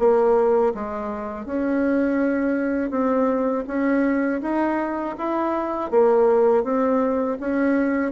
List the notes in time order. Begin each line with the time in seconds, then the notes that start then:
0.00 A#3
0.75 G#3
1.46 C#4
2.91 C4
3.68 C#4
4.42 D#4
5.19 E4
5.91 A#3
6.64 C4
7.40 C#4